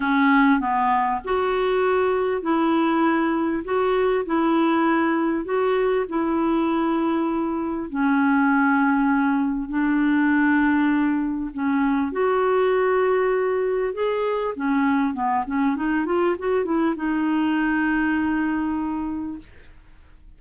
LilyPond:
\new Staff \with { instrumentName = "clarinet" } { \time 4/4 \tempo 4 = 99 cis'4 b4 fis'2 | e'2 fis'4 e'4~ | e'4 fis'4 e'2~ | e'4 cis'2. |
d'2. cis'4 | fis'2. gis'4 | cis'4 b8 cis'8 dis'8 f'8 fis'8 e'8 | dis'1 | }